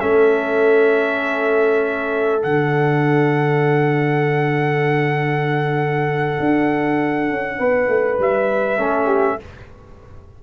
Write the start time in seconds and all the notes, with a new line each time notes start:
0.00 A3 C#4 A4 E5
2.39 D3 D4 F#5
6.40 D4
7.30 C#4
7.58 B3 B4
7.88 A3
8.19 G3 E5
8.78 A3 C#4 A4
9.06 G4